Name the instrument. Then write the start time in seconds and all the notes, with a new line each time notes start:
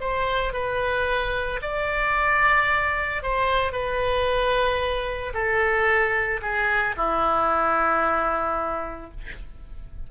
oboe
0.00 C5
0.53 B4
1.62 D5
3.22 C5
3.72 B4
5.33 A4
6.41 G#4
6.96 E4